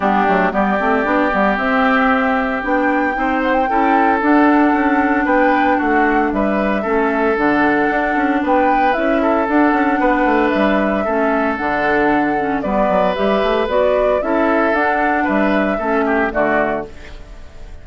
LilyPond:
<<
  \new Staff \with { instrumentName = "flute" } { \time 4/4 \tempo 4 = 114 g'4 d''2 e''4~ | e''4 g''4. fis''16 g''4~ g''16 | fis''2 g''4 fis''4 | e''2 fis''2 |
g''4 e''4 fis''2 | e''2 fis''2 | d''4 e''4 d''4 e''4 | fis''4 e''2 d''4 | }
  \new Staff \with { instrumentName = "oboe" } { \time 4/4 d'4 g'2.~ | g'2 c''4 a'4~ | a'2 b'4 fis'4 | b'4 a'2. |
b'4. a'4. b'4~ | b'4 a'2. | b'2. a'4~ | a'4 b'4 a'8 g'8 fis'4 | }
  \new Staff \with { instrumentName = "clarinet" } { \time 4/4 b8 a8 b8 c'8 d'8 b8 c'4~ | c'4 d'4 dis'4 e'4 | d'1~ | d'4 cis'4 d'2~ |
d'4 e'4 d'2~ | d'4 cis'4 d'4. cis'8 | b4 g'4 fis'4 e'4 | d'2 cis'4 a4 | }
  \new Staff \with { instrumentName = "bassoon" } { \time 4/4 g8 fis8 g8 a8 b8 g8 c'4~ | c'4 b4 c'4 cis'4 | d'4 cis'4 b4 a4 | g4 a4 d4 d'8 cis'8 |
b4 cis'4 d'8 cis'8 b8 a8 | g4 a4 d2 | g8 fis8 g8 a8 b4 cis'4 | d'4 g4 a4 d4 | }
>>